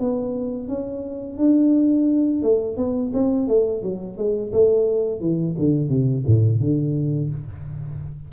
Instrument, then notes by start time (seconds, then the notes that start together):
tuba
0.00 B3
0.68 C#4
1.38 D4
2.43 A3
2.77 B3
3.14 C4
3.48 A3
3.83 F#3
4.17 G#3
4.53 A3
5.21 E3
5.59 D3
5.89 C3
6.27 A2
6.60 D3